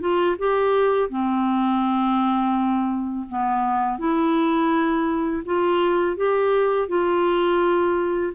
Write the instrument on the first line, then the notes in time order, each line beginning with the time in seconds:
clarinet
0.00 F4
0.39 G4
1.10 C4
3.29 B3
3.99 E4
5.45 F4
6.17 G4
6.88 F4